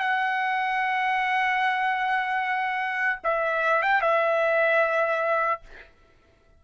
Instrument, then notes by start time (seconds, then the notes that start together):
trumpet
0.00 F#5
3.24 E5
3.83 G5
4.02 E5